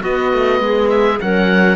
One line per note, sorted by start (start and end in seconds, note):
0.00 1.19 B3
0.00 0.33 B3
0.00 0.60 F#4
0.00 0.89 D#5
0.33 0.59 A3
0.59 1.19 G#3
0.59 1.22 G#4
0.89 1.19 E5
1.20 1.76 F#3
1.20 1.76 C#4
1.20 1.76 A#4
1.20 1.76 F#5